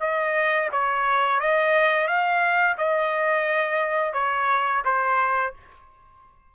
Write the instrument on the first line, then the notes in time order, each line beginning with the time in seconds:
trumpet
0.00 D#5
0.72 C#5
1.40 D#5
2.08 F5
2.77 D#5
4.13 C#5
4.85 C5